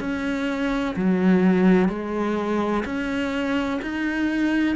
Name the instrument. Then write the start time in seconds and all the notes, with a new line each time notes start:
cello
0.00 C#4
0.97 F#3
1.89 G#3
2.86 C#4
3.82 D#4